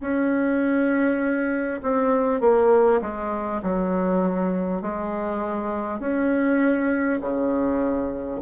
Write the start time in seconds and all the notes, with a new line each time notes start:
0.00 C#4
1.82 C4
2.41 A#3
3.01 G#3
3.62 F#3
4.81 G#3
5.99 C#4
7.20 C#3